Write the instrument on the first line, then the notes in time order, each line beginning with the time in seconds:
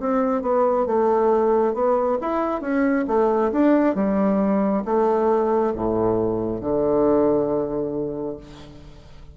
bassoon
0.00 C4
0.42 B3
0.87 A3
1.74 B3
2.21 E4
2.61 C#4
3.08 A3
3.52 D4
3.95 G3
4.85 A3
5.76 A2
6.61 D3